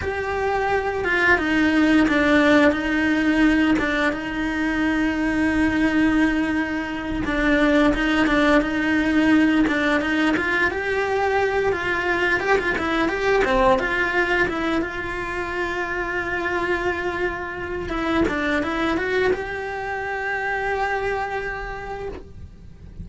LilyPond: \new Staff \with { instrumentName = "cello" } { \time 4/4 \tempo 4 = 87 g'4. f'8 dis'4 d'4 | dis'4. d'8 dis'2~ | dis'2~ dis'8 d'4 dis'8 | d'8 dis'4. d'8 dis'8 f'8 g'8~ |
g'4 f'4 g'16 f'16 e'8 g'8 c'8 | f'4 e'8 f'2~ f'8~ | f'2 e'8 d'8 e'8 fis'8 | g'1 | }